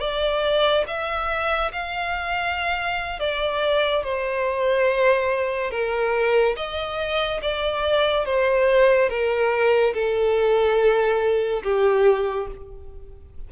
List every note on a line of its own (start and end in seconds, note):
0.00 0.85 D5
0.87 1.72 E5
1.72 3.20 F5
3.20 4.04 D5
4.04 5.71 C5
5.71 6.56 A#4
6.56 7.41 D#5
7.42 8.25 D5
8.25 9.09 C5
9.09 9.94 A#4
9.94 11.63 A4
11.63 12.48 G4